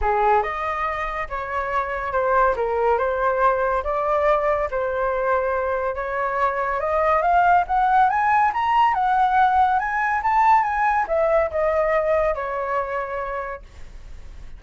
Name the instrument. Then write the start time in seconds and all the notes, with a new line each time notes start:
flute
0.01 G#4
0.43 D#5
1.29 C#5
2.12 C5
2.56 A#4
2.98 C5
3.83 D5
4.70 C5
5.95 C#5
6.79 D#5
7.21 F5
7.67 F#5
8.09 G#5
8.53 A#5
8.94 F#5
9.79 G#5
10.22 A5
10.63 G#5
11.07 E5
11.50 D#5
12.34 C#5